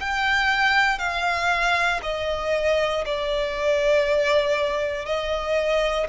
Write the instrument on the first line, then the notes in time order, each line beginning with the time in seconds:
violin
0.00 G5
0.99 F5
2.03 D#5
3.06 D5
5.06 D#5